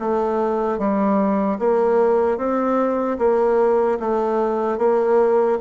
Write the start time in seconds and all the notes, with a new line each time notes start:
0.00 A3
0.79 G3
1.59 A#3
2.38 C4
3.19 A#3
4.00 A3
4.79 A#3